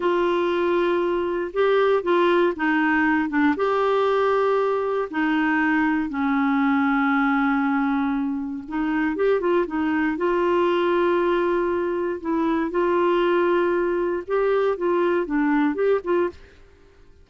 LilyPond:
\new Staff \with { instrumentName = "clarinet" } { \time 4/4 \tempo 4 = 118 f'2. g'4 | f'4 dis'4. d'8 g'4~ | g'2 dis'2 | cis'1~ |
cis'4 dis'4 g'8 f'8 dis'4 | f'1 | e'4 f'2. | g'4 f'4 d'4 g'8 f'8 | }